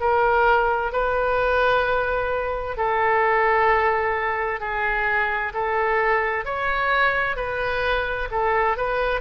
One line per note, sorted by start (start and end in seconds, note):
0.00 0.92 A#4
0.92 2.77 B4
2.77 4.60 A4
4.60 5.53 G#4
5.54 6.45 A4
6.45 7.36 C#5
7.36 8.29 B4
8.31 8.77 A4
8.77 9.21 B4